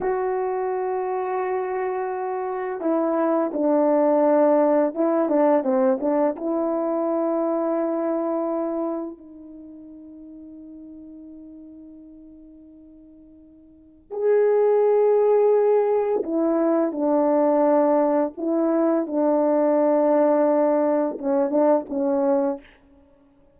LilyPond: \new Staff \with { instrumentName = "horn" } { \time 4/4 \tempo 4 = 85 fis'1 | e'4 d'2 e'8 d'8 | c'8 d'8 e'2.~ | e'4 dis'2.~ |
dis'1 | gis'2. e'4 | d'2 e'4 d'4~ | d'2 cis'8 d'8 cis'4 | }